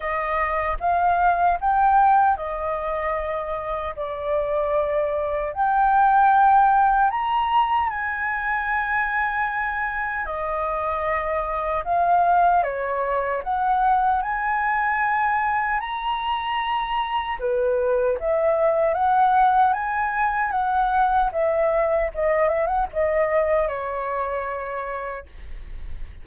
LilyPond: \new Staff \with { instrumentName = "flute" } { \time 4/4 \tempo 4 = 76 dis''4 f''4 g''4 dis''4~ | dis''4 d''2 g''4~ | g''4 ais''4 gis''2~ | gis''4 dis''2 f''4 |
cis''4 fis''4 gis''2 | ais''2 b'4 e''4 | fis''4 gis''4 fis''4 e''4 | dis''8 e''16 fis''16 dis''4 cis''2 | }